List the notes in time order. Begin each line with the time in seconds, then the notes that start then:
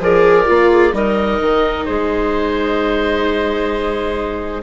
0.00 F3 G#4 A#4 D5
0.47 A#3 F4
0.71 G#4
0.93 G3 D#4 A#4 D#5
1.41 D#3
1.86 G#3 G#4 C5